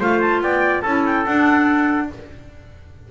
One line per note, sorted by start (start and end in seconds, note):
0.00 0.42 A3
0.00 0.84 F4
0.00 0.42 C5
0.00 0.20 F5
0.20 0.41 A5
0.42 0.84 B3
0.42 0.82 D5
0.42 0.81 G5
0.81 1.26 C#4
0.81 1.26 E4
0.81 2.08 A4
0.81 1.02 A5
1.06 1.26 G5
1.26 2.10 D4
1.26 2.11 D4
1.26 2.10 F#5